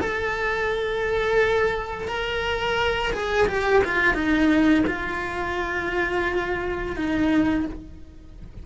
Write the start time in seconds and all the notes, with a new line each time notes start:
0.00 A4
2.07 A#4
3.12 G#4
3.47 G4
3.84 F4
4.14 D#4
4.86 F4
6.96 D#4